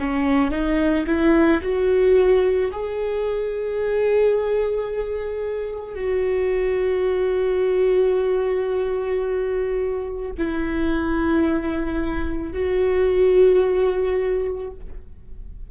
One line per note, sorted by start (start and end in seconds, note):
0.00 0.51 C#4
0.51 1.06 D#4
1.07 1.62 E4
1.63 2.72 F#4
2.72 5.96 G#4
5.96 10.32 F#4
10.38 12.53 E4
12.53 14.71 F#4